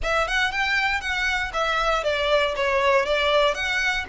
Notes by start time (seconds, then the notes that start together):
0.02 E5
0.27 F#5
0.51 G5
1.00 F#5
1.53 E5
2.03 D5
2.55 C#5
3.05 D5
3.54 F#5